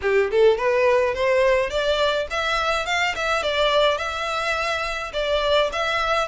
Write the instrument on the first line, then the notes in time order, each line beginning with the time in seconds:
violin
0.01 G4
0.31 A4
0.57 B4
1.14 C5
1.70 D5
2.30 E5
2.86 F5
3.15 E5
3.42 D5
3.97 E5
5.13 D5
5.72 E5